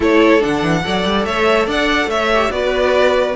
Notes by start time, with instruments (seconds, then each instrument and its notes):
0.00 cello A3, viola E4, violin A4 C#5
0.40 cello D3, viola D4, violin F#5
0.62 cello E3
0.84 cello F#3, viola A4, violin D5
1.04 cello G3
1.25 cello A3, violin C#5 E5
1.66 cello D4, violin D5 F#5
2.06 cello A3, violin C#5 E5
2.33 viola G4
2.50 cello B3, viola F#4, violin B4 D5